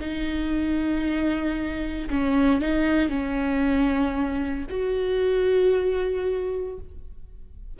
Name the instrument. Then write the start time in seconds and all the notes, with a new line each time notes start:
viola
0.00 D#4
2.10 C#4
2.61 D#4
3.09 C#4
4.70 F#4